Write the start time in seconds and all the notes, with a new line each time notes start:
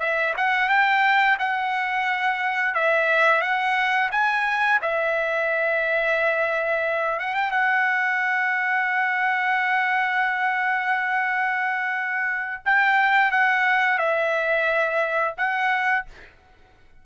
0.00 E5
0.37 F#5
0.69 G5
1.39 F#5
2.75 E5
3.42 F#5
4.12 G#5
4.82 E5
7.20 F#5
7.35 G5
7.51 F#5
12.66 G5
13.32 F#5
13.99 E5
15.37 F#5